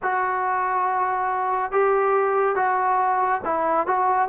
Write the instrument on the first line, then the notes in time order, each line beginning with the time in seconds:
trombone
0.02 F#4
1.71 G4
2.55 F#4
3.44 E4
3.86 F#4